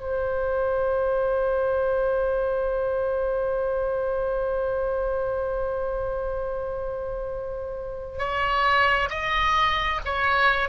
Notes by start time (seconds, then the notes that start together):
0.00 C5
8.18 C#5
9.10 D#5
10.05 C#5